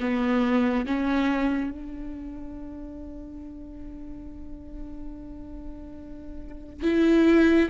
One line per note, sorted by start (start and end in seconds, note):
0.00 0.86 B3
0.86 1.71 C#4
1.71 6.83 D4
6.83 7.69 E4